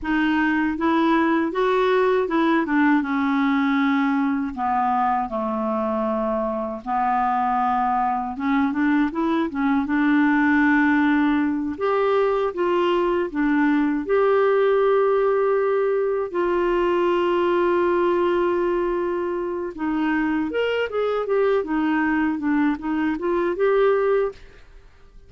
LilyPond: \new Staff \with { instrumentName = "clarinet" } { \time 4/4 \tempo 4 = 79 dis'4 e'4 fis'4 e'8 d'8 | cis'2 b4 a4~ | a4 b2 cis'8 d'8 | e'8 cis'8 d'2~ d'8 g'8~ |
g'8 f'4 d'4 g'4.~ | g'4. f'2~ f'8~ | f'2 dis'4 ais'8 gis'8 | g'8 dis'4 d'8 dis'8 f'8 g'4 | }